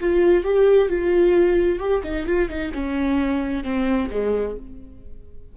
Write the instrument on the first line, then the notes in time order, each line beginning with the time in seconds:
viola
0.00 F4
0.44 G4
0.89 F4
1.79 G4
2.04 D#4
2.26 F4
2.49 D#4
2.74 C#4
3.64 C4
4.11 G#3